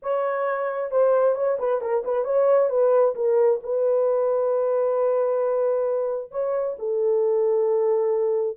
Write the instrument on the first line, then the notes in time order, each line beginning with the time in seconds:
horn
0.02 C#5
0.91 C5
1.35 C#5
1.59 B4
1.81 A#4
2.04 B4
2.24 C#5
2.69 B4
3.15 A#4
3.63 B4
6.31 C#5
6.78 A4